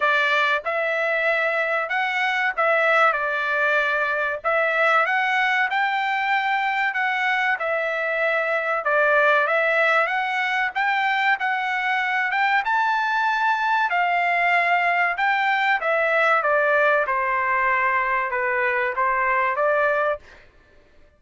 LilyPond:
\new Staff \with { instrumentName = "trumpet" } { \time 4/4 \tempo 4 = 95 d''4 e''2 fis''4 | e''4 d''2 e''4 | fis''4 g''2 fis''4 | e''2 d''4 e''4 |
fis''4 g''4 fis''4. g''8 | a''2 f''2 | g''4 e''4 d''4 c''4~ | c''4 b'4 c''4 d''4 | }